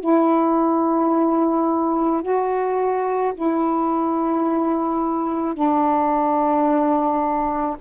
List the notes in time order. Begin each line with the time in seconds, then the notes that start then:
0.00 E4
2.22 F#4
3.34 E4
5.54 D4